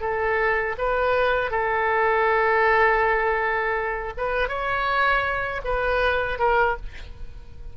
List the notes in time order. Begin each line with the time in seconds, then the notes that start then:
0.00 A4
0.77 B4
1.50 A4
4.17 B4
4.48 C#5
5.64 B4
6.39 A#4